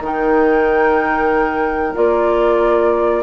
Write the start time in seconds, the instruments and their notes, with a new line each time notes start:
0.00 bassoon D#3, clarinet D#4, oboe A#4, flute G5
1.95 bassoon A#3, clarinet F4, flute D5